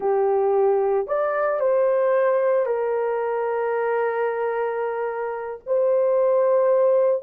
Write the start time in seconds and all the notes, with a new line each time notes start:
0.00 G4
1.07 D5
1.59 C5
2.65 A#4
5.66 C5